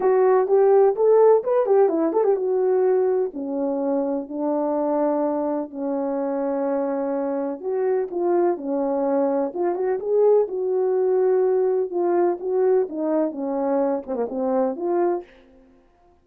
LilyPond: \new Staff \with { instrumentName = "horn" } { \time 4/4 \tempo 4 = 126 fis'4 g'4 a'4 b'8 g'8 | e'8 a'16 g'16 fis'2 cis'4~ | cis'4 d'2. | cis'1 |
fis'4 f'4 cis'2 | f'8 fis'8 gis'4 fis'2~ | fis'4 f'4 fis'4 dis'4 | cis'4. c'16 ais16 c'4 f'4 | }